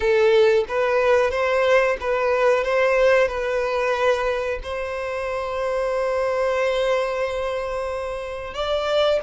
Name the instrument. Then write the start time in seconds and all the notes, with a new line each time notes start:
violin
0.00 A4
0.68 B4
1.30 C5
2.00 B4
2.63 C5
3.28 B4
4.63 C5
8.54 D5